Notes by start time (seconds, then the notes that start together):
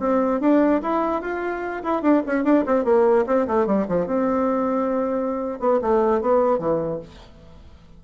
0.00 C4
0.41 D4
0.82 E4
1.22 F4
1.84 E4
2.03 D4
2.27 C#4
2.44 D4
2.66 C4
2.85 A#3
3.27 C4
3.48 A3
3.67 G3
3.89 F3
4.07 C4
5.60 B3
5.82 A3
6.22 B3
6.59 E3